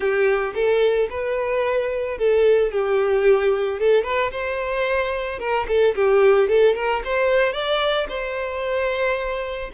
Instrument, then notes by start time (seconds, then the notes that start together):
violin
0.00 G4
0.54 A4
1.10 B4
2.17 A4
2.71 G4
3.79 A4
4.03 B4
4.31 C5
5.39 A#4
5.68 A4
5.95 G4
6.48 A4
6.75 A#4
7.04 C5
7.52 D5
8.08 C5